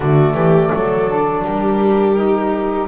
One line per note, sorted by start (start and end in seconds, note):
0.00 0.34 D3
0.00 1.08 A3
0.00 0.34 F#4
0.00 1.43 D5
0.34 0.70 E3
0.34 0.70 G4
0.74 1.44 F#3
0.74 1.44 A4
1.08 2.15 D4
1.44 2.88 G3
1.44 2.88 G4
1.44 2.88 A#4
2.15 2.87 D#4